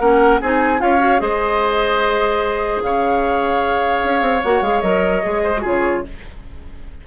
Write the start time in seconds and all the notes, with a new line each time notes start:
0.00 A#3 C#4 A#4 F#5
0.41 C4 D#4 G#4 G#5
0.79 C#4 F4 C#5 F5
1.00 F#4
1.19 G#3 G#4 C5 D#5
2.83 C#3 C#5 F5
4.04 C#4
4.22 C4
4.44 A#3 F#4 F#5
4.62 G#3 G#4 F5
4.82 F#3 A#4 D#5
5.23 G#3 G#4
5.43 C5
5.57 F#4 G#4
5.64 C#3 F4 C#5